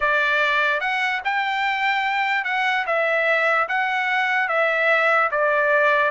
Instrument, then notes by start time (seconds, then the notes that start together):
trumpet
0.00 D5
0.80 F#5
1.24 G5
2.44 F#5
2.86 E5
3.68 F#5
4.48 E5
5.31 D5